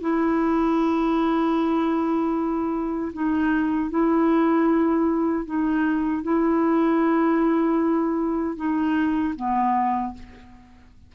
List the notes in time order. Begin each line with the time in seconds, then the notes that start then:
0.00 E4
3.13 D#4
3.90 E4
5.45 D#4
6.23 E4
8.56 D#4
9.35 B3